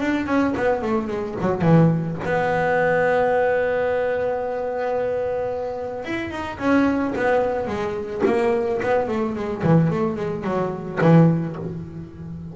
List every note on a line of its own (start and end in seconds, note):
0.00 0.26 D4
0.26 0.54 C#4
0.56 0.82 B3
0.82 1.07 A3
1.07 1.35 G#3
1.40 1.61 F#3
1.61 2.16 E3
2.24 6.04 B3
6.04 6.30 E4
6.30 6.58 D#4
6.59 7.14 C#4
7.16 7.67 B3
7.67 8.22 G#3
8.25 8.80 A#3
8.82 9.08 B3
9.08 9.35 A3
9.35 9.63 G#3
9.63 9.90 E3
9.90 10.16 A3
10.16 10.44 G#3
10.44 10.99 F#3
11.01 11.56 E3